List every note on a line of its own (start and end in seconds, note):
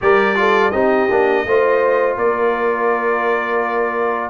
0.01 0.73 G3
0.01 0.35 G4
0.01 0.38 A#4
0.01 0.70 D5
0.35 0.71 F4
0.35 0.72 A4
0.70 1.09 C4
0.70 1.09 D#4
0.70 1.44 G4
0.70 2.15 D#5
1.09 1.45 A#3
1.09 1.46 D4
1.45 2.17 A3
1.45 4.29 F4
1.45 2.17 C5
2.17 4.29 A#3
2.17 4.29 A#4
2.17 4.29 D5